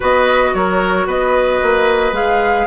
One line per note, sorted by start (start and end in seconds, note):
0.00 0.53 B3
0.00 2.13 F#4
0.00 0.50 B4
0.00 0.53 D#5
0.53 1.06 F#3
0.53 1.06 A#4
0.53 1.07 C#5
1.06 1.60 B3
1.06 2.67 B4
1.06 2.14 D#5
1.62 2.11 A#3
2.11 2.65 G#3
2.11 2.67 G#4
2.11 2.67 F5